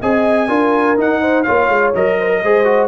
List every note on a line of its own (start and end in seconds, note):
0.00 0.48 C4
0.00 0.48 G#4
0.00 0.48 D#5
0.00 0.98 G#5
0.48 0.97 D4
0.48 0.96 F4
0.48 1.20 A#4
0.96 1.45 D#4
0.96 1.46 D#4
0.96 1.43 F#5
1.20 1.44 C5
1.43 1.68 A#3
1.43 1.94 F4
1.43 2.17 C#5
1.43 1.91 F5
1.68 1.93 G#3
1.94 2.43 F#3
1.94 2.43 A#4
1.94 2.87 D#5
2.18 2.29 C5
2.29 2.41 A#4
2.43 2.87 G#3
2.43 2.64 G#4
2.43 2.87 C5
2.64 2.87 F#4